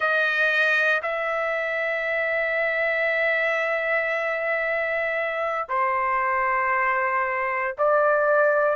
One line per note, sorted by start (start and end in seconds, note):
0.00 1.01 D#5
1.02 5.68 E5
5.68 7.75 C5
7.78 8.76 D5